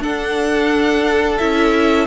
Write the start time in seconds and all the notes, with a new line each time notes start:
0.00 D4 A4 F#5
1.38 C#4 E4 E5